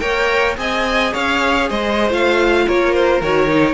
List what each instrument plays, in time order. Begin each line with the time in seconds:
0.00 cello A#3, viola A#4, violin C#5 G5
0.56 cello C4, viola G#4, violin D#5 G#5
1.14 cello C#4, violin C#5 F5
1.69 cello G#3, violin C5 D#5
2.10 cello A3, viola F4, violin F5
2.67 cello A#3, violin A#4 C#5
2.94 violin C5
3.22 cello D#3, viola F#4, violin C#5
3.48 viola D#4